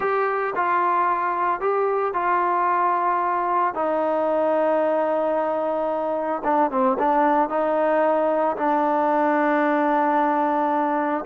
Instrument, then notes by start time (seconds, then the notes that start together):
trombone
0.00 G4
0.55 F4
1.60 G4
2.13 F4
3.74 D#4
6.43 D4
6.70 C4
6.98 D4
7.49 D#4
8.56 D4